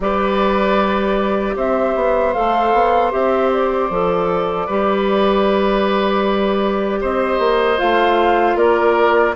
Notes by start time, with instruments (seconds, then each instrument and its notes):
0.00 bassoon G3, clarinet G4, oboe B4, flute D5
1.56 bassoon C4, oboe C5, flute E5
1.95 bassoon B3
2.33 bassoon A3, clarinet A4, flute F5
2.73 bassoon B3
3.11 bassoon C4, clarinet G4, flute E5
3.52 flute D5
3.90 bassoon F3, clarinet A4
4.66 bassoon G3, clarinet G4, oboe B4
7.00 bassoon C4, oboe C5, flute D#5
7.38 bassoon A#3
7.77 bassoon A3, clarinet F4, flute F5
8.55 bassoon A#3, oboe A#4, flute D5